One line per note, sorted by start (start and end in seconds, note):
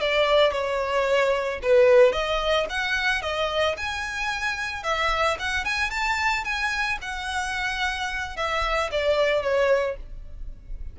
0.00 0.52 D5
0.52 1.60 C#5
1.62 2.12 B4
2.12 2.66 D#5
2.69 3.22 F#5
3.22 3.76 D#5
3.77 4.83 G#5
4.83 5.37 E5
5.39 5.64 F#5
5.64 5.90 G#5
5.90 6.44 A5
6.44 6.98 G#5
7.01 8.36 F#5
8.36 8.90 E5
8.91 9.42 D5
9.42 9.96 C#5